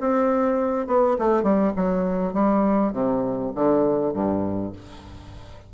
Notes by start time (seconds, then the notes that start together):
0.00 C4
0.87 B3
1.18 A3
1.43 G3
1.76 F#3
2.33 G3
2.92 C3
3.55 D3
4.13 G2